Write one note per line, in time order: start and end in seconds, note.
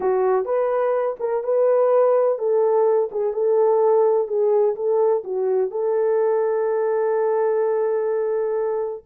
0.00 0.45 F#4
0.45 1.16 B4
1.19 1.43 A#4
1.43 2.38 B4
2.38 3.09 A4
3.11 3.33 G#4
3.33 4.27 A4
4.27 4.75 G#4
4.75 5.23 A4
5.24 5.70 F#4
5.70 9.04 A4